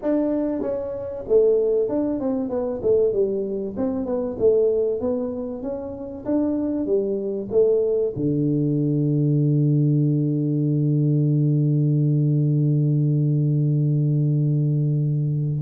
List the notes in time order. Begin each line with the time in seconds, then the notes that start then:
0.01 D4
0.61 C#4
1.28 A3
1.88 D4
2.19 C4
2.49 B3
2.82 A3
3.12 G3
3.76 C4
4.05 B3
4.39 A3
5.00 B3
5.62 C#4
6.25 D4
6.86 G3
7.51 A3
8.16 D3